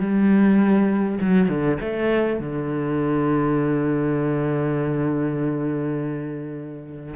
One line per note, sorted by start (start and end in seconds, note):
0.00 1.19 G3
1.21 1.49 F#3
1.49 1.78 D3
1.80 2.40 A3
2.40 7.15 D3